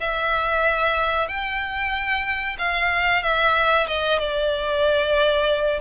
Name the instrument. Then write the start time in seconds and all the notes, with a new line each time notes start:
violin
0.00 E5
1.28 G5
2.59 F5
3.23 E5
3.87 D#5
4.19 D5